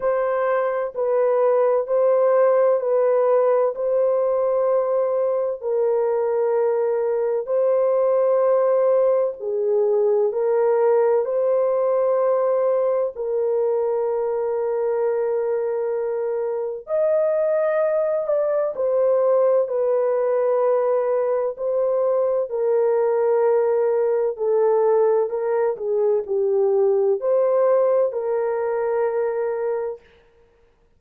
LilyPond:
\new Staff \with { instrumentName = "horn" } { \time 4/4 \tempo 4 = 64 c''4 b'4 c''4 b'4 | c''2 ais'2 | c''2 gis'4 ais'4 | c''2 ais'2~ |
ais'2 dis''4. d''8 | c''4 b'2 c''4 | ais'2 a'4 ais'8 gis'8 | g'4 c''4 ais'2 | }